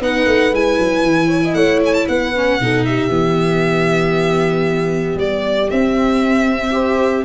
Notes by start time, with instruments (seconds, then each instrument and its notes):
0.00 tuba B3, viola D#4, horn B4, violin F#5
0.26 tuba A3
0.52 tuba G#3, viola E4, violin G#5
0.79 tuba F#3
1.02 tuba E3
1.27 horn C#5
1.44 horn D#5
1.54 tuba A3, horn C#5, violin F#5
1.85 violin G#5
1.93 violin A5
2.08 tuba B3, horn B4, violin F#5
2.35 viola C#4
2.60 tuba B2, viola D#4, horn A4
2.85 horn G4, violin E5
3.09 tuba E3, viola B3
5.15 tuba G3, violin D5
5.70 viola C4, tuba C4, violin E5
6.71 viola G4, horn C5